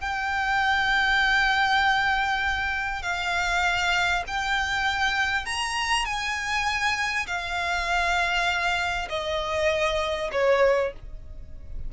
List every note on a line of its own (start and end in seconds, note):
0.00 3.02 G5
3.02 4.23 F5
4.27 5.45 G5
5.45 6.05 A#5
6.05 7.26 G#5
7.26 9.08 F5
9.09 10.30 D#5
10.32 10.92 C#5